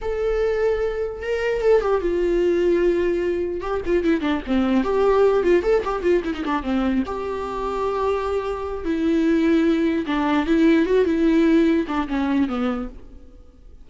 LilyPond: \new Staff \with { instrumentName = "viola" } { \time 4/4 \tempo 4 = 149 a'2. ais'4 | a'8 g'8 f'2.~ | f'4 g'8 f'8 e'8 d'8 c'4 | g'4. f'8 a'8 g'8 f'8 e'16 dis'16 |
d'8 c'4 g'2~ g'8~ | g'2 e'2~ | e'4 d'4 e'4 fis'8 e'8~ | e'4. d'8 cis'4 b4 | }